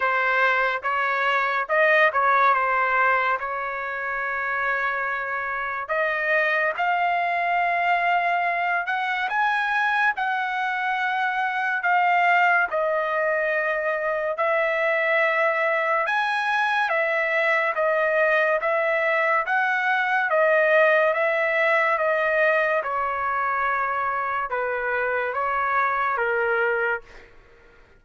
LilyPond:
\new Staff \with { instrumentName = "trumpet" } { \time 4/4 \tempo 4 = 71 c''4 cis''4 dis''8 cis''8 c''4 | cis''2. dis''4 | f''2~ f''8 fis''8 gis''4 | fis''2 f''4 dis''4~ |
dis''4 e''2 gis''4 | e''4 dis''4 e''4 fis''4 | dis''4 e''4 dis''4 cis''4~ | cis''4 b'4 cis''4 ais'4 | }